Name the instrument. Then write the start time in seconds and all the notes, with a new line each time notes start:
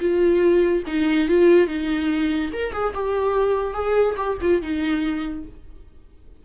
viola
0.00 F4
0.87 D#4
1.28 F4
1.67 D#4
2.53 A#4
2.73 G#4
2.94 G4
3.73 G#4
4.17 G4
4.41 F4
4.62 D#4